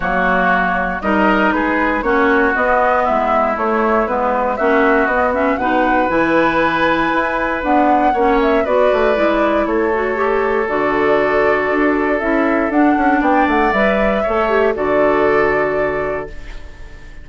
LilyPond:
<<
  \new Staff \with { instrumentName = "flute" } { \time 4/4 \tempo 4 = 118 cis''2 dis''4 b'4 | cis''4 dis''4 e''4 cis''4 | b'4 e''4 dis''8 e''8 fis''4 | gis''2. fis''4~ |
fis''8 e''8 d''2 cis''4~ | cis''4 d''2. | e''4 fis''4 g''8 fis''8 e''4~ | e''4 d''2. | }
  \new Staff \with { instrumentName = "oboe" } { \time 4/4 fis'2 ais'4 gis'4 | fis'2 e'2~ | e'4 fis'2 b'4~ | b'1 |
cis''4 b'2 a'4~ | a'1~ | a'2 d''2 | cis''4 a'2. | }
  \new Staff \with { instrumentName = "clarinet" } { \time 4/4 ais2 dis'2 | cis'4 b2 a4 | b4 cis'4 b8 cis'8 dis'4 | e'2. b4 |
cis'4 fis'4 e'4. fis'8 | g'4 fis'2. | e'4 d'2 b'4 | a'8 g'8 fis'2. | }
  \new Staff \with { instrumentName = "bassoon" } { \time 4/4 fis2 g4 gis4 | ais4 b4 gis4 a4 | gis4 ais4 b4 b,4 | e2 e'4 d'4 |
ais4 b8 a8 gis4 a4~ | a4 d2 d'4 | cis'4 d'8 cis'8 b8 a8 g4 | a4 d2. | }
>>